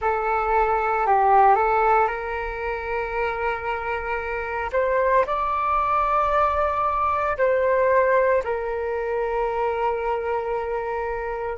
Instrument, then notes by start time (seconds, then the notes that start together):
flute
0.01 A4
1.06 G4
1.55 A4
2.07 A#4
4.72 C5
5.26 D5
7.37 C5
8.44 A#4